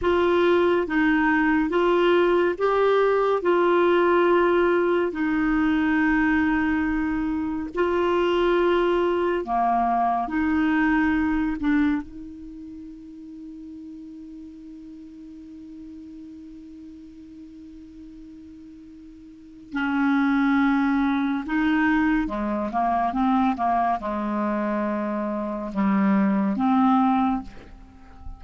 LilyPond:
\new Staff \with { instrumentName = "clarinet" } { \time 4/4 \tempo 4 = 70 f'4 dis'4 f'4 g'4 | f'2 dis'2~ | dis'4 f'2 ais4 | dis'4. d'8 dis'2~ |
dis'1~ | dis'2. cis'4~ | cis'4 dis'4 gis8 ais8 c'8 ais8 | gis2 g4 c'4 | }